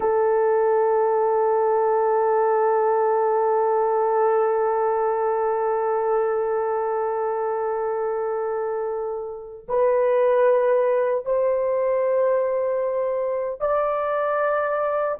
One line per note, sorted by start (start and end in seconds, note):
0.00 9.66 A4
9.68 11.25 B4
11.25 13.60 C5
13.60 15.18 D5